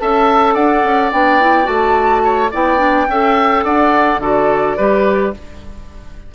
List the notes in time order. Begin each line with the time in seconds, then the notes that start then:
0.00 C#4 A4 E5 A5
0.55 D4 D5 F#5
0.84 C#4
1.12 B3 D4 G5
1.41 E4
1.64 A3 F#4 A5
2.25 C#5
2.51 B3 E4 D5 G5
2.78 D4
3.08 C#4 A4 E5
3.64 D4 D5 F#5
4.19 D3 F#4 A4 D5
4.77 G3 G4 B4